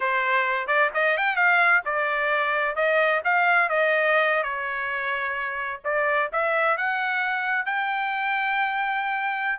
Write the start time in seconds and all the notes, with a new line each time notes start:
0.00 C5
0.67 D5
0.94 D#5
1.17 G5
1.35 F5
1.85 D5
2.75 D#5
3.24 F5
3.69 D#5
4.43 C#5
5.84 D5
6.32 E5
6.77 F#5
7.65 G5